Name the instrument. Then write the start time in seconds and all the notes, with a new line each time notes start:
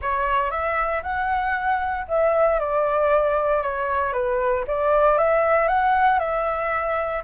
flute
0.01 C#5
0.50 E5
1.03 F#5
2.08 E5
2.59 D5
3.62 C#5
4.12 B4
4.67 D5
5.17 E5
5.68 F#5
6.19 E5